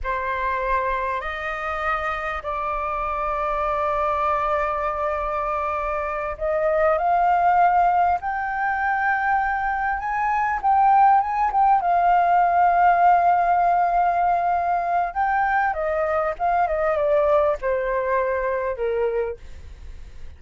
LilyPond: \new Staff \with { instrumentName = "flute" } { \time 4/4 \tempo 4 = 99 c''2 dis''2 | d''1~ | d''2~ d''8 dis''4 f''8~ | f''4. g''2~ g''8~ |
g''8 gis''4 g''4 gis''8 g''8 f''8~ | f''1~ | f''4 g''4 dis''4 f''8 dis''8 | d''4 c''2 ais'4 | }